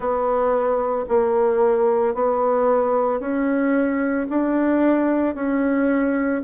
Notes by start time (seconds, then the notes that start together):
0.00 B3
1.08 A#3
2.14 B3
3.19 C#4
4.29 D4
5.35 C#4